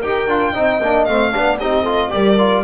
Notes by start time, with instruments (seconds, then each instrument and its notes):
0.00 double bass D#4, trombone G4, horn A#4, violin G5
0.27 double bass D4, trombone F4
0.52 double bass C4, trombone D#4, horn D#5
0.80 double bass A#3, trombone D4
1.04 double bass A3, trombone C4, violin F5
1.31 double bass B3, trombone D4, horn D5
1.59 double bass C4, trombone D#4, horn G4, violin D#5
1.82 trombone F4, horn A4
2.10 double bass G3, trombone G4, horn A#4, violin D5
2.38 trombone F4